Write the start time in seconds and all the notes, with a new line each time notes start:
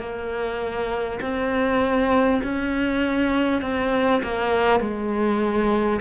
0.00 A#3
1.21 C4
2.43 C#4
3.62 C4
4.23 A#3
4.80 G#3